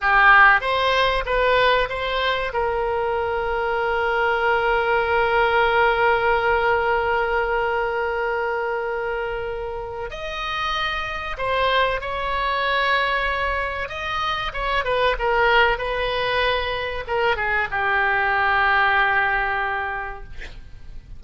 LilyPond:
\new Staff \with { instrumentName = "oboe" } { \time 4/4 \tempo 4 = 95 g'4 c''4 b'4 c''4 | ais'1~ | ais'1~ | ais'1 |
dis''2 c''4 cis''4~ | cis''2 dis''4 cis''8 b'8 | ais'4 b'2 ais'8 gis'8 | g'1 | }